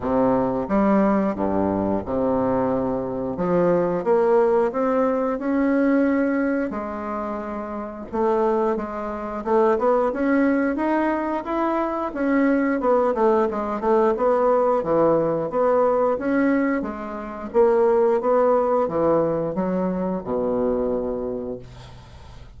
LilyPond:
\new Staff \with { instrumentName = "bassoon" } { \time 4/4 \tempo 4 = 89 c4 g4 g,4 c4~ | c4 f4 ais4 c'4 | cis'2 gis2 | a4 gis4 a8 b8 cis'4 |
dis'4 e'4 cis'4 b8 a8 | gis8 a8 b4 e4 b4 | cis'4 gis4 ais4 b4 | e4 fis4 b,2 | }